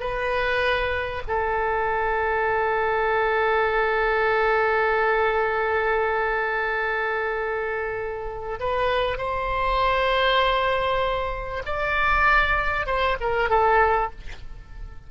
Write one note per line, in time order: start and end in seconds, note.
0.00 1.22 B4
1.27 8.60 A4
8.60 9.18 B4
9.18 11.63 C5
11.65 12.86 D5
12.86 13.17 C5
13.20 13.50 A#4
13.50 14.11 A4